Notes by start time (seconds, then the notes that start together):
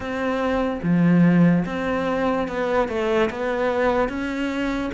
0.00 C4
0.82 F3
1.65 C4
2.48 B3
2.88 A3
3.30 B3
4.08 C#4